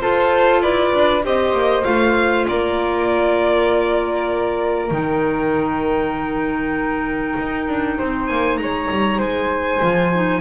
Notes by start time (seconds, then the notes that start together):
0.00 F4 A4 C5
0.62 E4 B4 D5
0.94 D4
1.23 C4 G4 C5 D#5
1.53 A#3
1.84 A3 F4 F5
2.47 A#3 A#4 D5
4.90 D#3 D#4 G5
7.38 D#4
7.68 D4
7.98 C4 C5
8.27 A#3 G#5
8.57 G#3 C#5 A#5
8.90 G3
9.18 G#3 C5 G#5
9.82 F3 F4
10.13 D#4